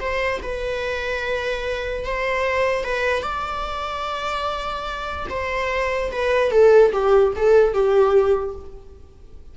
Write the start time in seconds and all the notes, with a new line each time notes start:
0.00 C5
0.42 B4
2.05 C5
2.84 B4
3.22 D5
5.30 C5
6.12 B4
6.51 A4
6.92 G4
7.36 A4
7.73 G4